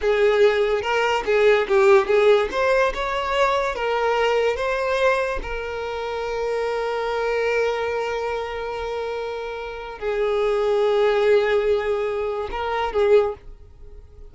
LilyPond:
\new Staff \with { instrumentName = "violin" } { \time 4/4 \tempo 4 = 144 gis'2 ais'4 gis'4 | g'4 gis'4 c''4 cis''4~ | cis''4 ais'2 c''4~ | c''4 ais'2.~ |
ais'1~ | ais'1 | gis'1~ | gis'2 ais'4 gis'4 | }